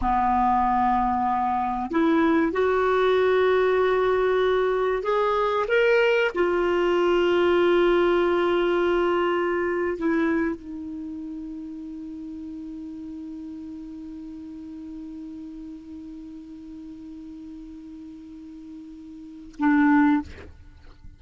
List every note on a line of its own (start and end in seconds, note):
0.01 1.90 B3
1.90 2.52 E4
2.52 5.02 F#4
5.02 5.66 G#4
5.68 6.31 A#4
6.34 9.97 F4
9.97 10.55 E4
10.55 19.55 D#4
19.58 20.22 D4